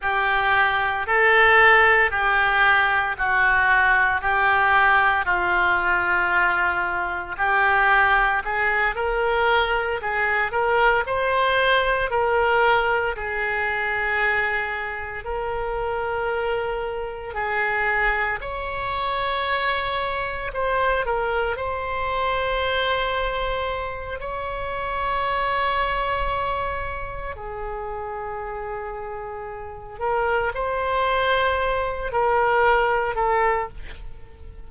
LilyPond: \new Staff \with { instrumentName = "oboe" } { \time 4/4 \tempo 4 = 57 g'4 a'4 g'4 fis'4 | g'4 f'2 g'4 | gis'8 ais'4 gis'8 ais'8 c''4 ais'8~ | ais'8 gis'2 ais'4.~ |
ais'8 gis'4 cis''2 c''8 | ais'8 c''2~ c''8 cis''4~ | cis''2 gis'2~ | gis'8 ais'8 c''4. ais'4 a'8 | }